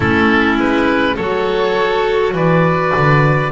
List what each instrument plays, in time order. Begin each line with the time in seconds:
0.00 double bass A3, clarinet C#4, violin E4, oboe A4
0.58 double bass G#3, oboe B4
1.16 double bass F#3, clarinet F#4, violin A4, oboe C#5
2.33 double bass E3, violin B4, oboe D5
2.95 double bass D3